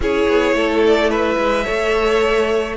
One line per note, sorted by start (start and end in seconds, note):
0.00 0.27 C#4
0.00 1.64 E4
0.00 0.55 G#4
0.00 0.85 C#5
0.28 0.53 B3
0.53 1.36 A3
0.53 1.10 A4
0.86 1.11 D5
1.10 1.64 B4
1.10 2.76 E5
1.37 1.65 G#3
1.64 2.76 A3
1.64 2.75 A4
1.64 2.75 C#5